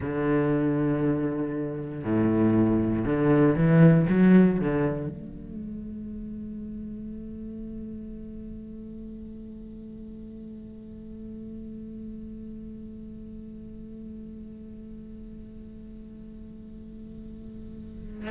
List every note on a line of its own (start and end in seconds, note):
0.00 2.03 D3
2.03 3.05 A2
3.05 3.55 D3
3.55 4.06 E3
4.09 4.59 F#3
4.59 5.08 D3
5.08 18.30 A3